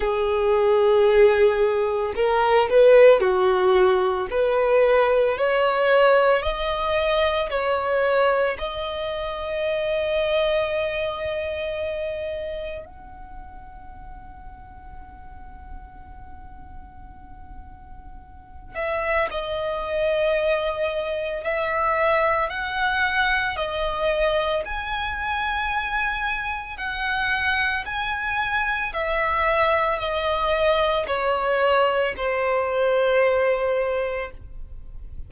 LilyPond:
\new Staff \with { instrumentName = "violin" } { \time 4/4 \tempo 4 = 56 gis'2 ais'8 b'8 fis'4 | b'4 cis''4 dis''4 cis''4 | dis''1 | fis''1~ |
fis''4. e''8 dis''2 | e''4 fis''4 dis''4 gis''4~ | gis''4 fis''4 gis''4 e''4 | dis''4 cis''4 c''2 | }